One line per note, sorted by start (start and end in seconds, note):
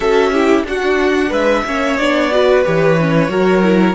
0.00 0.63 C#4
0.00 0.34 F#4
0.00 0.30 A4
0.00 0.64 E5
0.31 0.66 E4
0.31 0.64 G4
0.63 1.29 D4
0.63 1.66 D4
0.63 1.29 F#4
0.63 1.32 F#5
1.29 1.64 G#3
1.29 1.62 B4
1.29 1.97 E5
1.65 1.98 A#3
1.65 1.99 C#4
1.65 2.33 C#5
1.97 2.65 B3
1.97 2.31 D4
1.97 2.63 D5
2.31 2.64 F#4
2.31 3.30 B4
2.64 3.29 E3
2.64 2.97 G4
2.64 3.94 C#5
3.00 3.28 C#4
3.28 3.94 F#3
3.28 3.61 F#4
3.28 3.94 A#4
3.62 3.94 E4